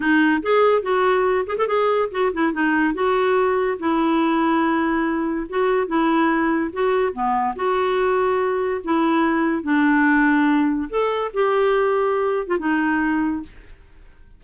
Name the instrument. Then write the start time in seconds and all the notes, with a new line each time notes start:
clarinet
0.00 D#4
0.42 G#4
0.82 F#4
1.46 G#4
1.57 A4
1.67 G#4
2.11 F#4
2.33 E4
2.52 D#4
2.94 F#4
3.79 E4
5.49 F#4
5.87 E4
6.72 F#4
7.12 B3
7.55 F#4
8.83 E4
9.63 D4
10.89 A4
11.33 G4
12.47 F4
12.58 D#4